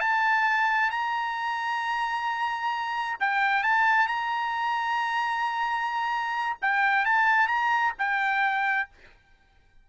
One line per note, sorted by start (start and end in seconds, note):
0.00 0.90 A5
0.90 3.18 A#5
3.20 3.63 G5
3.63 4.07 A5
4.07 6.57 A#5
6.62 7.05 G5
7.05 7.48 A5
7.48 7.93 A#5
7.98 8.89 G5